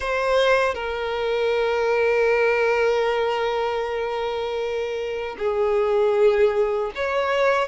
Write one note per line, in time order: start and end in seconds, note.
0.00 0.74 C5
0.74 5.35 A#4
5.38 6.92 G#4
6.95 7.68 C#5